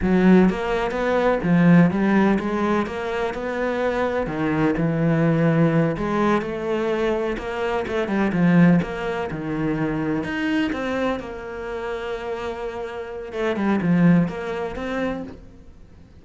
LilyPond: \new Staff \with { instrumentName = "cello" } { \time 4/4 \tempo 4 = 126 fis4 ais4 b4 f4 | g4 gis4 ais4 b4~ | b4 dis4 e2~ | e8 gis4 a2 ais8~ |
ais8 a8 g8 f4 ais4 dis8~ | dis4. dis'4 c'4 ais8~ | ais1 | a8 g8 f4 ais4 c'4 | }